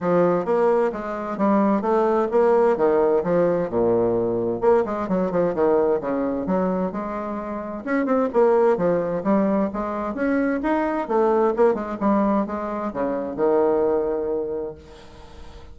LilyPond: \new Staff \with { instrumentName = "bassoon" } { \time 4/4 \tempo 4 = 130 f4 ais4 gis4 g4 | a4 ais4 dis4 f4 | ais,2 ais8 gis8 fis8 f8 | dis4 cis4 fis4 gis4~ |
gis4 cis'8 c'8 ais4 f4 | g4 gis4 cis'4 dis'4 | a4 ais8 gis8 g4 gis4 | cis4 dis2. | }